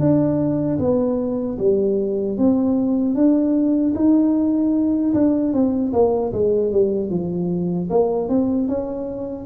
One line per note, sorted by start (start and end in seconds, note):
0.00 0.79 D4
0.79 1.58 B3
1.59 2.38 G3
2.38 3.15 C4
3.15 3.94 D4
3.95 5.14 D#4
5.14 5.53 D4
5.53 5.93 C4
5.93 6.33 A#3
6.33 6.72 G#3
6.72 7.11 G3
7.11 7.89 F3
7.90 8.29 A#3
8.29 8.68 C4
8.68 9.46 C#4